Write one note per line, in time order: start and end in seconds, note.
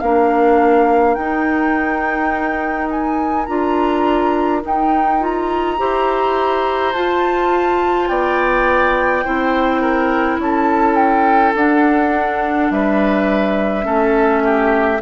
0.00 1.17 A#3
0.00 1.19 D4
0.00 5.80 A#4
0.00 1.15 F5
1.15 3.47 D#4
1.15 3.48 D#4
1.15 2.88 G5
2.91 3.46 G#5
3.46 4.64 D4
3.46 4.62 F4
3.46 4.61 A#5
4.62 5.19 D#4
4.62 5.80 D#4
4.62 5.24 G5
5.20 5.77 F4
5.20 6.93 A#5
5.78 6.94 E4
5.78 6.93 G4
5.78 8.09 C5
6.93 8.09 F4
6.93 9.25 F4
6.93 8.08 A5
8.08 9.25 B3
8.08 9.25 D5
8.08 10.39 G5
9.25 10.39 C4
9.25 11.56 E4
9.25 9.81 C5
9.81 10.39 A#4
10.39 11.54 C#4
10.39 12.73 A4
10.39 10.95 A5
10.95 11.53 G5
11.55 12.70 D4
11.55 13.83 D4
11.55 12.72 F#5
12.71 13.86 G3
12.71 13.85 B4
12.71 15.02 E5
13.83 15.01 A3
13.83 14.98 C#4
13.83 14.43 A4
14.44 15.02 G4